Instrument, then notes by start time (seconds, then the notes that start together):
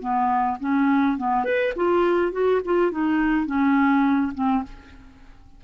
clarinet
0.00 B3
0.60 C#4
1.18 B3
1.45 B4
1.76 F4
2.32 F#4
2.65 F4
2.91 D#4
3.46 C#4
4.35 C4